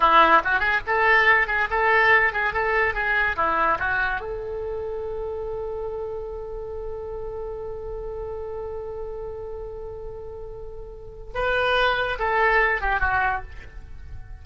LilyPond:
\new Staff \with { instrumentName = "oboe" } { \time 4/4 \tempo 4 = 143 e'4 fis'8 gis'8 a'4. gis'8 | a'4. gis'8 a'4 gis'4 | e'4 fis'4 a'2~ | a'1~ |
a'1~ | a'1~ | a'2. b'4~ | b'4 a'4. g'8 fis'4 | }